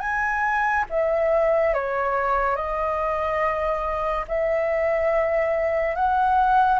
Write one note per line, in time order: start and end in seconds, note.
0.00 0.85 G#5
0.90 1.74 E5
1.74 2.56 C#5
2.56 4.25 D#5
4.28 5.95 E5
5.95 6.80 F#5